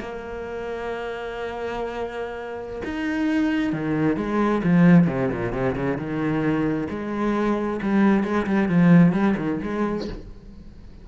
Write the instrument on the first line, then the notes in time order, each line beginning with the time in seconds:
cello
0.00 A#3
2.84 D#4
3.73 D#3
4.16 G#3
4.64 F3
5.07 C3
5.31 A#2
5.52 C3
5.75 C#3
5.97 D#3
6.90 G#3
7.82 G3
8.23 G#3
8.46 G3
8.68 F3
9.12 G3
9.37 D#3
9.63 G#3